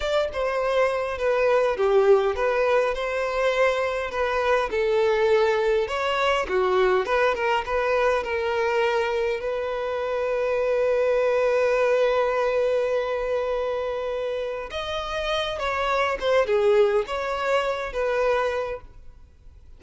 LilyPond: \new Staff \with { instrumentName = "violin" } { \time 4/4 \tempo 4 = 102 d''8 c''4. b'4 g'4 | b'4 c''2 b'4 | a'2 cis''4 fis'4 | b'8 ais'8 b'4 ais'2 |
b'1~ | b'1~ | b'4 dis''4. cis''4 c''8 | gis'4 cis''4. b'4. | }